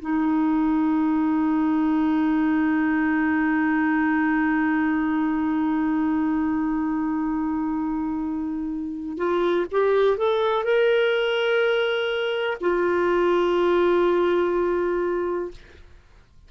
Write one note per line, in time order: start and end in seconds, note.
0.00 9.17 D#4
9.17 9.66 F4
9.71 10.17 G4
10.17 10.64 A4
10.64 12.57 A#4
12.60 15.51 F4